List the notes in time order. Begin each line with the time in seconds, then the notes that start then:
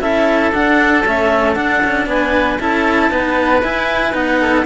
0.00 C#4 E4 A4 E5
0.52 D4 F#5
1.06 A3 C#4 E5
1.54 D4 F#5
1.84 C#4
2.07 B3 B4 G#5
2.60 C#4 E4 A4 A5
3.10 B3 D#4 B4
3.63 E4 G#5
4.13 B3 D#4 F#5
4.41 A4